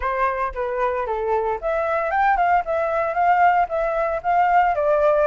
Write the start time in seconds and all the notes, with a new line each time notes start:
0.00 C5
0.54 B4
1.06 A4
1.61 E5
2.11 G5
2.37 F5
2.65 E5
3.14 F5
3.68 E5
4.22 F5
4.75 D5